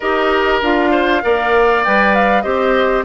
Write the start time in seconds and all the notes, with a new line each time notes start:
0.00 D#4 G4 A#4 D#5
0.62 D4 F4 F5
0.90 C5
1.22 A#3 A#4 D5
1.84 G3 B4 G5
2.14 F5
2.41 C4 G4 C5 D#5